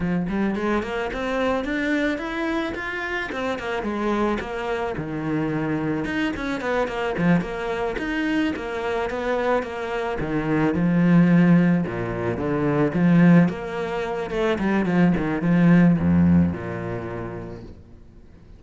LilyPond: \new Staff \with { instrumentName = "cello" } { \time 4/4 \tempo 4 = 109 f8 g8 gis8 ais8 c'4 d'4 | e'4 f'4 c'8 ais8 gis4 | ais4 dis2 dis'8 cis'8 | b8 ais8 f8 ais4 dis'4 ais8~ |
ais8 b4 ais4 dis4 f8~ | f4. ais,4 d4 f8~ | f8 ais4. a8 g8 f8 dis8 | f4 f,4 ais,2 | }